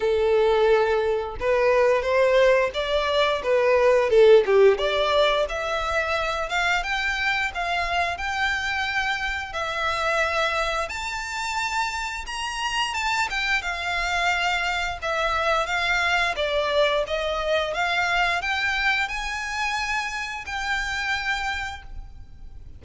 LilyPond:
\new Staff \with { instrumentName = "violin" } { \time 4/4 \tempo 4 = 88 a'2 b'4 c''4 | d''4 b'4 a'8 g'8 d''4 | e''4. f''8 g''4 f''4 | g''2 e''2 |
a''2 ais''4 a''8 g''8 | f''2 e''4 f''4 | d''4 dis''4 f''4 g''4 | gis''2 g''2 | }